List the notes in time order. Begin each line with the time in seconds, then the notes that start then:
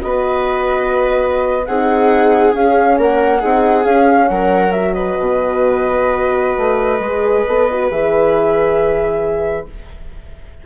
0.00 B3 F#4 B4 D#5
1.66 C4 D#4 G#4 F#5
2.54 C#4 F5
2.99 A#3 A#4 F#5
3.40 C4 D#4 G#4
3.84 C#4 F5
4.29 F#3 A#4 F#5
4.72 F#4 E5
4.94 B4 D#5
5.19 B2
6.58 A3
7.00 G#3 G#4
7.48 B3 A4
7.72 F#4
7.91 E3 G#4 E5